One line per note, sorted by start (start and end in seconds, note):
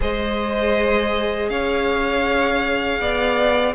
0.00 1.49 G#3
0.00 3.74 G#4
0.00 1.50 C5
0.00 1.49 D#5
1.49 2.99 C#4
1.49 3.00 C#5
1.49 3.74 F5
3.00 3.74 B3
3.00 3.74 D5